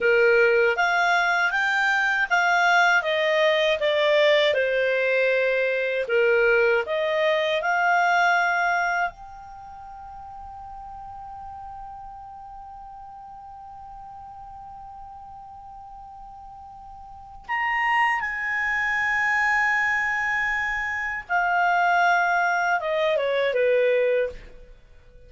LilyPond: \new Staff \with { instrumentName = "clarinet" } { \time 4/4 \tempo 4 = 79 ais'4 f''4 g''4 f''4 | dis''4 d''4 c''2 | ais'4 dis''4 f''2 | g''1~ |
g''1~ | g''2. ais''4 | gis''1 | f''2 dis''8 cis''8 b'4 | }